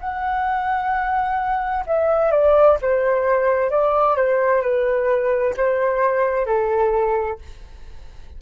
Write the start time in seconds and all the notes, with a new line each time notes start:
0.00 F#5
1.86 E5
2.31 D5
2.82 C5
3.70 D5
4.16 C5
4.62 B4
5.57 C5
6.46 A4